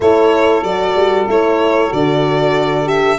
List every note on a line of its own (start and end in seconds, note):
0.00 0.63 A3
0.00 0.65 E4
0.00 3.19 A4
0.00 0.63 C#5
0.63 0.94 F#3
0.63 1.27 F#4
0.63 1.27 D5
0.94 1.26 G3
1.27 1.92 A3
1.27 1.89 E4
1.27 1.92 C#5
1.89 3.19 D3
1.89 2.84 F#4
1.89 2.88 D5
2.84 3.16 G4
2.84 3.19 E5